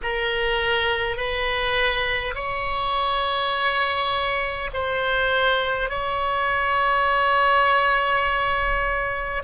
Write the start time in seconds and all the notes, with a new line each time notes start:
0.02 A#4
1.17 B4
2.34 C#5
4.73 C5
5.89 C#5